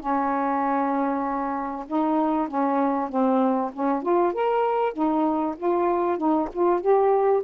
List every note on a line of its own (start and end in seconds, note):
0.00 1.86 C#4
1.87 2.48 D#4
2.48 3.09 C#4
3.09 3.71 C4
3.73 4.02 C#4
4.02 4.33 F4
4.33 4.93 A#4
4.93 5.55 D#4
5.56 6.17 F4
6.17 6.48 D#4
6.52 6.80 F4
6.80 7.42 G4